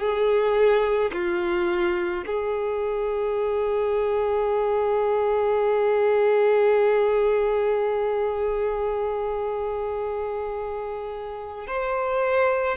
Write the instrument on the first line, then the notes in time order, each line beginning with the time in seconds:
violin
0.00 G#4
1.14 F4
2.27 G#4
11.67 C5